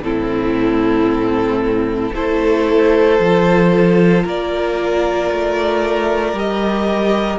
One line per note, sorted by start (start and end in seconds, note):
0.00 2.11 A2
0.00 2.14 C4
0.00 2.15 E4
0.00 2.14 A4
2.14 3.19 A3
2.14 3.20 E4
2.14 4.24 A4
2.14 4.25 C5
3.20 4.25 F3
3.20 6.35 F4
4.24 5.31 A#3
4.24 7.39 A#4
4.24 6.39 D5
5.31 6.33 A3
6.33 7.38 G3
6.33 7.39 G4
6.33 7.39 D#5